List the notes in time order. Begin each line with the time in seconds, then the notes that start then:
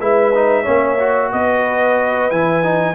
0.00 G#3 E4 B4 E5
0.34 D#4
0.62 A#3 C#4 C#5
0.99 F#4
1.32 B3 B4 D#5
2.30 E3 E4 G#5
2.63 D#4